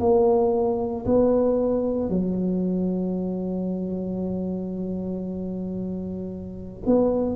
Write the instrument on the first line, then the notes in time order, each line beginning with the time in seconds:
tuba
0.00 A#3
1.06 B3
2.10 F#3
6.87 B3